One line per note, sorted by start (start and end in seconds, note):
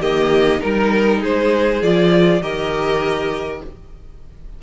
0.00 0.60 D#3
0.00 0.61 A#3
0.00 0.60 G4
0.00 0.62 D#5
0.60 1.24 G3
0.60 1.81 D#4
0.60 1.20 A#4
0.60 1.23 A#4
1.21 1.82 G#3
1.21 2.41 G#4
1.21 1.83 C5
1.82 2.41 F3
1.82 2.42 F4
1.82 2.42 D5
2.41 3.61 D#3
2.41 3.62 G4
2.41 3.63 A#4
2.41 3.62 D#5